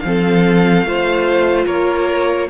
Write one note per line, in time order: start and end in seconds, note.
0.00 0.84 F3
0.00 0.86 C4
0.00 1.64 F5
0.07 0.87 A4
0.84 1.67 A3
0.84 2.50 F4
0.84 1.66 C5
1.66 2.49 A#3
1.66 2.48 A#4
1.66 2.49 C#5